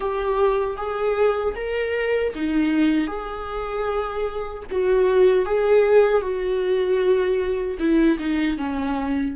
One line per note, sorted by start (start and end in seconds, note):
0.00 0.76 G4
0.77 1.54 G#4
1.55 2.33 A#4
2.34 3.07 D#4
3.07 4.63 G#4
4.71 5.45 F#4
5.45 6.21 G#4
6.21 7.77 F#4
7.79 8.18 E4
8.18 8.57 D#4
8.57 9.35 C#4